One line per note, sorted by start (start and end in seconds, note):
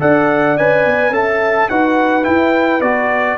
0.00 0.58 D4
0.00 0.57 A4
0.00 1.14 D5
0.00 0.58 F#5
0.58 0.86 C#4
0.58 1.12 B4
0.58 1.14 G#5
0.86 1.10 B3
1.10 1.67 C#4
1.10 1.69 A4
1.10 1.70 E5
1.10 1.69 A5
1.69 2.27 D#4
1.69 2.23 F#4
1.69 3.38 B4
1.69 2.25 F#5
2.23 2.80 E4
2.23 2.82 E4
2.23 2.81 G5
2.81 3.38 B3
2.81 3.38 F#4
2.81 3.38 D5